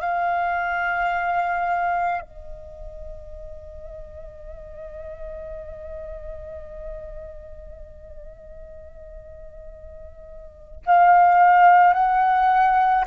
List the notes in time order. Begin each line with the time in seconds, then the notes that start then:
0.00 F5
2.21 D#5
10.86 F5
11.93 F#5